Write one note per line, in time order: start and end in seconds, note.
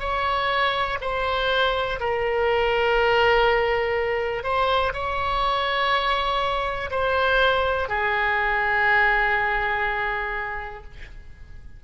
0.00 0.98 C#5
1.01 2.00 C5
2.00 4.44 A#4
4.44 4.93 C5
4.94 6.90 C#5
6.91 7.89 C5
7.89 10.84 G#4